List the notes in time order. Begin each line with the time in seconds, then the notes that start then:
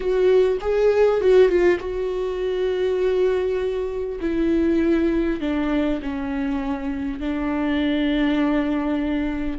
0.00 F#4
0.61 G#4
1.21 F#4
1.48 F4
1.79 F#4
4.20 E4
5.40 D4
6.02 C#4
7.19 D4